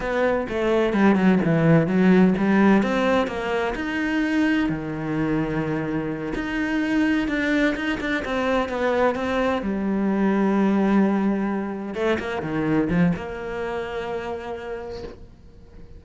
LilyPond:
\new Staff \with { instrumentName = "cello" } { \time 4/4 \tempo 4 = 128 b4 a4 g8 fis8 e4 | fis4 g4 c'4 ais4 | dis'2 dis2~ | dis4. dis'2 d'8~ |
d'8 dis'8 d'8 c'4 b4 c'8~ | c'8 g2.~ g8~ | g4. a8 ais8 dis4 f8 | ais1 | }